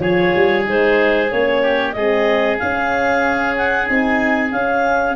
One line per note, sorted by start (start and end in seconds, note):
0.00 0.32 F3
0.00 0.65 F4
0.00 1.63 G#4
0.00 0.65 C#5
0.36 0.68 G3
0.65 1.32 G#3
0.65 1.29 D#4
0.65 1.32 C5
1.31 1.96 A#3
1.31 1.96 C#4
1.31 1.93 C#5
1.63 1.95 G4
1.93 2.60 G#3
1.93 2.60 C4
1.93 5.16 G#4
1.93 2.57 D#5
2.59 3.86 C#4
2.59 3.90 C#4
2.59 3.56 F5
3.58 3.87 F#5
3.86 4.53 C4
3.86 4.51 D#4
3.86 4.51 G#5
4.52 5.16 C#4
4.52 5.16 F5